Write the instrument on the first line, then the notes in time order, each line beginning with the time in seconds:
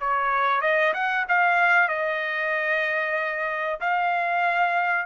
trumpet
0.00 C#5
0.61 D#5
0.94 F#5
1.29 F5
1.89 D#5
3.80 F5